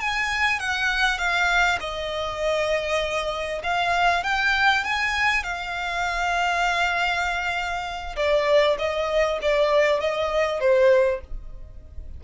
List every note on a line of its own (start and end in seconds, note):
0.00 0.59 G#5
0.59 1.18 F#5
1.18 1.79 F5
1.80 3.62 D#5
3.63 4.23 F5
4.23 4.84 G5
4.84 5.43 G#5
5.43 8.16 F5
8.16 8.77 D5
8.78 9.39 D#5
9.42 10.00 D5
10.00 10.60 D#5
10.60 11.21 C5